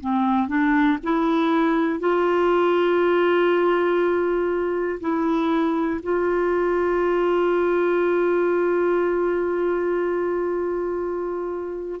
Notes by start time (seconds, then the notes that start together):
0.00 C4
0.48 D4
1.03 E4
1.99 F4
5.00 E4
6.03 F4